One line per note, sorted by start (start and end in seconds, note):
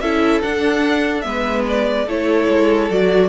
0.00 0.41 C#4
0.00 0.42 E4
0.00 1.25 A4
0.00 0.41 E5
0.42 1.24 D4
0.42 1.25 D4
0.42 1.21 F#5
1.21 2.06 G#3
1.21 2.06 B3
1.21 1.62 E5
1.28 2.06 B4
1.68 2.09 D5
2.06 2.47 A3
2.06 2.90 E4
2.06 3.29 A4
2.06 2.90 C#5
2.48 2.90 G#3
2.90 3.29 F#3
2.90 3.29 F#4
2.90 3.29 D5